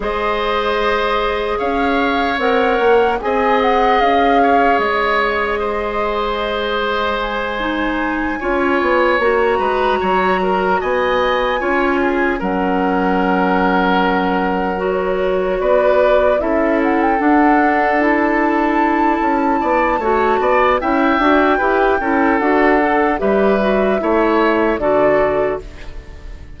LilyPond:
<<
  \new Staff \with { instrumentName = "flute" } { \time 4/4 \tempo 4 = 75 dis''2 f''4 fis''4 | gis''8 fis''8 f''4 dis''2~ | dis''4 gis''2~ gis''8 ais''8~ | ais''4. gis''2 fis''8~ |
fis''2~ fis''8 cis''4 d''8~ | d''8 e''8 fis''16 g''16 fis''4 a''4.~ | a''2 g''2 | fis''4 e''2 d''4 | }
  \new Staff \with { instrumentName = "oboe" } { \time 4/4 c''2 cis''2 | dis''4. cis''4. c''4~ | c''2~ c''8 cis''4. | b'8 cis''8 ais'8 dis''4 cis''8 gis'8 ais'8~ |
ais'2.~ ais'8 b'8~ | b'8 a'2.~ a'8~ | a'8 d''8 cis''8 d''8 e''4 b'8 a'8~ | a'4 b'4 cis''4 a'4 | }
  \new Staff \with { instrumentName = "clarinet" } { \time 4/4 gis'2. ais'4 | gis'1~ | gis'4. dis'4 f'4 fis'8~ | fis'2~ fis'8 f'4 cis'8~ |
cis'2~ cis'8 fis'4.~ | fis'8 e'4 d'4 e'4.~ | e'4 fis'4 e'8 fis'8 g'8 e'8 | fis'8 a'8 g'8 fis'8 e'4 fis'4 | }
  \new Staff \with { instrumentName = "bassoon" } { \time 4/4 gis2 cis'4 c'8 ais8 | c'4 cis'4 gis2~ | gis2~ gis8 cis'8 b8 ais8 | gis8 fis4 b4 cis'4 fis8~ |
fis2.~ fis8 b8~ | b8 cis'4 d'2~ d'8 | cis'8 b8 a8 b8 cis'8 d'8 e'8 cis'8 | d'4 g4 a4 d4 | }
>>